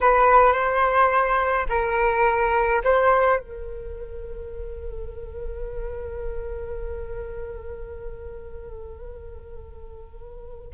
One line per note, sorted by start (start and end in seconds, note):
0.01 0.52 B4
0.52 1.66 C5
1.69 2.82 A#4
2.84 3.39 C5
3.39 10.73 A#4